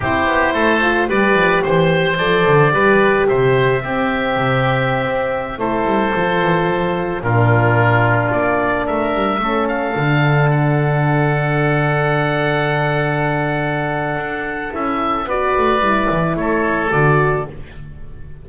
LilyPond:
<<
  \new Staff \with { instrumentName = "oboe" } { \time 4/4 \tempo 4 = 110 c''2 d''4 c''4 | d''2 e''2~ | e''2~ e''16 c''4.~ c''16~ | c''4~ c''16 ais'2 d''8.~ |
d''16 e''4. f''4. fis''8.~ | fis''1~ | fis''2. e''4 | d''2 cis''4 d''4 | }
  \new Staff \with { instrumentName = "oboe" } { \time 4/4 g'4 a'4 b'4 c''4~ | c''4 b'4 c''4 g'4~ | g'2~ g'16 a'4.~ a'16~ | a'4~ a'16 f'2~ f'8.~ |
f'16 ais'4 a'2~ a'8.~ | a'1~ | a'1 | b'2 a'2 | }
  \new Staff \with { instrumentName = "horn" } { \time 4/4 e'4. f'8 g'2 | a'4 g'2 c'4~ | c'2~ c'16 e'4 f'8.~ | f'4~ f'16 d'2~ d'8.~ |
d'4~ d'16 cis'4 d'4.~ d'16~ | d'1~ | d'2. e'4 | fis'4 e'2 fis'4 | }
  \new Staff \with { instrumentName = "double bass" } { \time 4/4 c'8 b8 a4 g8 f8 e4 | f8 d8 g4 c4 c'4 | c4~ c16 c'4 a8 g8 f8 e16~ | e16 f4 ais,2 ais8.~ |
ais16 a8 g8 a4 d4.~ d16~ | d1~ | d2 d'4 cis'4 | b8 a8 g8 e8 a4 d4 | }
>>